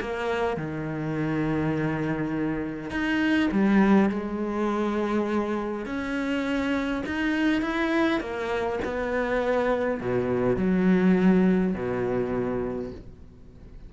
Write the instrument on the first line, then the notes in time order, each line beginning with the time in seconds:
cello
0.00 A#3
0.56 D#3
2.90 D#4
3.51 G3
4.10 G#3
5.85 C#4
7.06 D#4
7.61 E4
8.20 A#3
8.84 B3
10.00 B2
10.56 F#3
11.74 B2